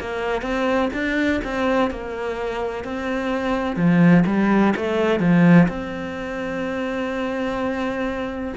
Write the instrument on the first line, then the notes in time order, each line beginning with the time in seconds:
cello
0.00 A#3
0.42 C4
0.93 D4
1.44 C4
1.90 A#3
2.84 C4
3.76 F3
4.26 G3
4.76 A3
5.20 F3
5.68 C4